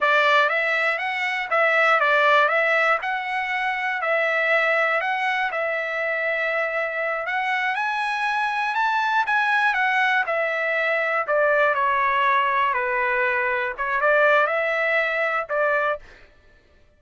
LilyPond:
\new Staff \with { instrumentName = "trumpet" } { \time 4/4 \tempo 4 = 120 d''4 e''4 fis''4 e''4 | d''4 e''4 fis''2 | e''2 fis''4 e''4~ | e''2~ e''8 fis''4 gis''8~ |
gis''4. a''4 gis''4 fis''8~ | fis''8 e''2 d''4 cis''8~ | cis''4. b'2 cis''8 | d''4 e''2 d''4 | }